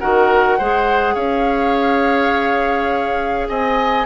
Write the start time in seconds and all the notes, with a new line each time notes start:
0.00 D#3 F#4 A#4 F#5
0.58 G#3 G#4 C5
1.15 C#4 C#5 F5
3.49 C4 D#5 G#5